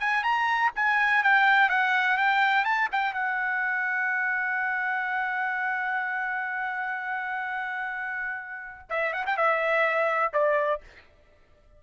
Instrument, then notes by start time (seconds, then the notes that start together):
trumpet
0.00 G#5
0.23 A#5
0.75 G#5
1.23 G5
1.69 F#5
2.17 G5
2.64 A5
2.92 G5
3.14 F#5
8.90 E5
9.13 F#5
9.26 G5
9.37 E5
10.33 D5